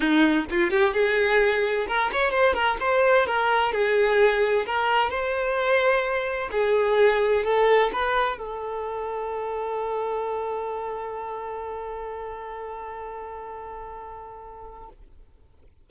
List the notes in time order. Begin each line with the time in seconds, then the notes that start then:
0.00 D#4
0.50 F4
0.70 G4
0.93 G#4
1.87 A#4
2.12 C#5
2.30 C5
2.54 A#4
2.79 C5
3.26 A#4
3.72 G#4
4.66 A#4
5.10 C5
6.51 G#4
7.44 A4
7.92 B4
8.37 A4